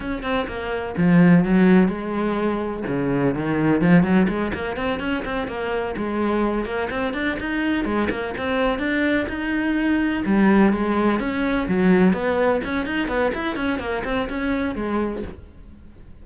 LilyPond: \new Staff \with { instrumentName = "cello" } { \time 4/4 \tempo 4 = 126 cis'8 c'8 ais4 f4 fis4 | gis2 cis4 dis4 | f8 fis8 gis8 ais8 c'8 cis'8 c'8 ais8~ | ais8 gis4. ais8 c'8 d'8 dis'8~ |
dis'8 gis8 ais8 c'4 d'4 dis'8~ | dis'4. g4 gis4 cis'8~ | cis'8 fis4 b4 cis'8 dis'8 b8 | e'8 cis'8 ais8 c'8 cis'4 gis4 | }